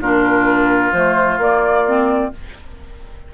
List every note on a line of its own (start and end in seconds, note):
0.00 0.92 A#2
0.00 0.94 D4
0.00 2.31 F4
0.00 0.92 A#4
0.92 1.37 F3
0.92 1.39 A3
0.92 1.38 C5
1.37 2.30 A#3
1.37 1.85 A#3
1.37 2.33 D5
1.86 2.32 C4